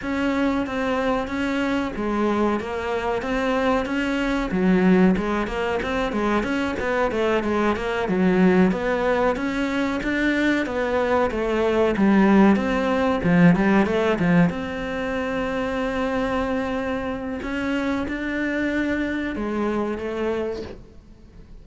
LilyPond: \new Staff \with { instrumentName = "cello" } { \time 4/4 \tempo 4 = 93 cis'4 c'4 cis'4 gis4 | ais4 c'4 cis'4 fis4 | gis8 ais8 c'8 gis8 cis'8 b8 a8 gis8 | ais8 fis4 b4 cis'4 d'8~ |
d'8 b4 a4 g4 c'8~ | c'8 f8 g8 a8 f8 c'4.~ | c'2. cis'4 | d'2 gis4 a4 | }